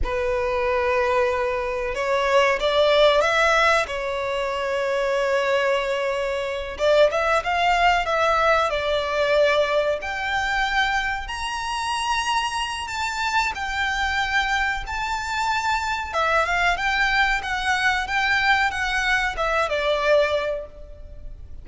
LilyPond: \new Staff \with { instrumentName = "violin" } { \time 4/4 \tempo 4 = 93 b'2. cis''4 | d''4 e''4 cis''2~ | cis''2~ cis''8 d''8 e''8 f''8~ | f''8 e''4 d''2 g''8~ |
g''4. ais''2~ ais''8 | a''4 g''2 a''4~ | a''4 e''8 f''8 g''4 fis''4 | g''4 fis''4 e''8 d''4. | }